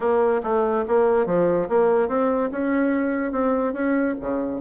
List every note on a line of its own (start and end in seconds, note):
0.00 0.41 A#3
0.43 0.84 A3
0.87 1.26 A#3
1.26 1.67 F3
1.69 2.08 A#3
2.08 2.50 C4
2.51 3.31 C#4
3.31 3.73 C4
3.73 4.15 C#4
4.20 4.61 C#3